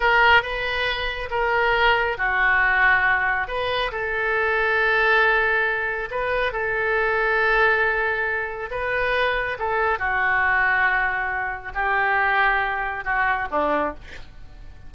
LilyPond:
\new Staff \with { instrumentName = "oboe" } { \time 4/4 \tempo 4 = 138 ais'4 b'2 ais'4~ | ais'4 fis'2. | b'4 a'2.~ | a'2 b'4 a'4~ |
a'1 | b'2 a'4 fis'4~ | fis'2. g'4~ | g'2 fis'4 d'4 | }